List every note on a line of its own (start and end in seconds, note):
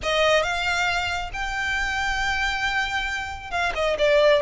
0.02 0.42 D#5
0.42 1.30 F5
1.33 3.50 G5
3.50 3.72 F5
3.74 3.96 D#5
3.98 4.41 D5